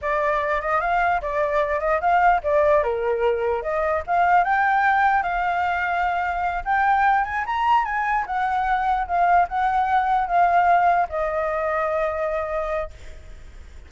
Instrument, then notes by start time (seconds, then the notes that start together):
flute
0.01 D5
0.61 D#5
0.80 F5
1.21 D5
1.80 D#5
2.01 F5
2.43 D5
2.83 A#4
3.62 D#5
4.06 F5
4.44 G5
5.22 F5
6.64 G5
7.24 G#5
7.46 A#5
7.84 G#5
8.26 F#5
9.07 F5
9.48 F#5
10.27 F5
11.09 D#5